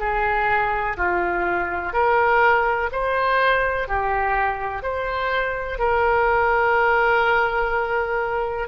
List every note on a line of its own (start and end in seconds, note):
0.00 0.97 G#4
0.97 1.93 F4
1.93 2.90 A#4
2.92 3.88 C5
3.88 4.83 G4
4.83 5.79 C5
5.79 8.68 A#4